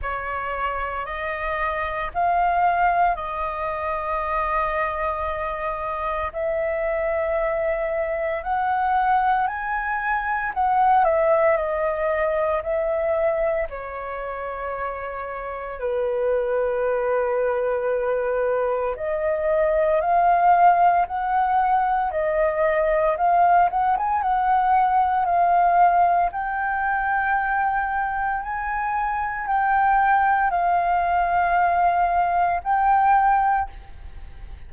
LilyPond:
\new Staff \with { instrumentName = "flute" } { \time 4/4 \tempo 4 = 57 cis''4 dis''4 f''4 dis''4~ | dis''2 e''2 | fis''4 gis''4 fis''8 e''8 dis''4 | e''4 cis''2 b'4~ |
b'2 dis''4 f''4 | fis''4 dis''4 f''8 fis''16 gis''16 fis''4 | f''4 g''2 gis''4 | g''4 f''2 g''4 | }